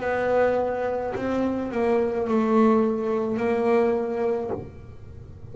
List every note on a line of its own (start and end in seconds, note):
0.00 1.13 B3
1.15 1.71 C4
1.71 2.27 A#3
2.27 3.37 A3
3.37 4.50 A#3